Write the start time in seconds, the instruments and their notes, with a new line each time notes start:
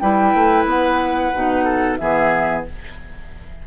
0.00 bassoon G3, clarinet E4, oboe B4, flute G5
0.34 bassoon A3
0.65 bassoon B3, flute F#5
1.34 bassoon B2, clarinet D#4
1.64 oboe A4
1.97 bassoon E3, clarinet B3, oboe G#4, flute E5